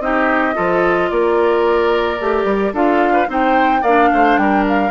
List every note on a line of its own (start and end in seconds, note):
0.00 0.55 C4
0.00 0.54 D#4
0.00 0.55 G4
0.00 1.10 D#5
0.54 1.11 F3
0.54 2.18 F4
0.54 1.10 A4
1.10 2.20 A#3
1.10 2.74 A#4
1.10 2.74 D5
2.20 2.45 A3
2.20 2.74 G4
2.45 2.72 G3
2.73 3.28 D4
2.73 3.27 F4
2.73 3.13 A4
2.73 3.30 F5
3.13 3.27 B4
3.27 3.83 C4
3.27 3.82 D#4
3.27 3.82 C5
3.27 3.84 G5
3.82 4.10 A#3
3.82 4.91 D4
3.82 4.09 D5
3.82 4.37 F5
4.13 4.37 A3
4.13 4.40 C5
4.37 4.91 G3
4.37 4.91 A#4
4.37 4.65 G5
4.69 4.91 F5